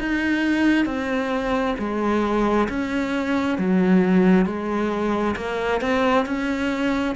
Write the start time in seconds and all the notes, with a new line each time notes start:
0.00 D#4
0.85 C4
1.79 G#3
2.69 C#4
3.58 F#3
4.46 G#3
5.36 A#3
5.81 C4
6.26 C#4